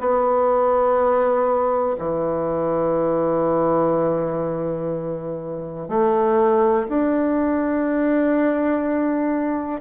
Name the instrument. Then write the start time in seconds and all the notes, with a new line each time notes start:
bassoon
0.00 B3
1.99 E3
5.89 A3
6.89 D4